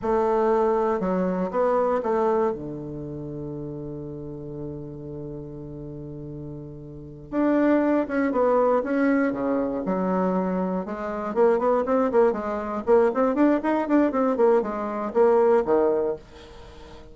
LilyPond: \new Staff \with { instrumentName = "bassoon" } { \time 4/4 \tempo 4 = 119 a2 fis4 b4 | a4 d2.~ | d1~ | d2~ d8 d'4. |
cis'8 b4 cis'4 cis4 fis8~ | fis4. gis4 ais8 b8 c'8 | ais8 gis4 ais8 c'8 d'8 dis'8 d'8 | c'8 ais8 gis4 ais4 dis4 | }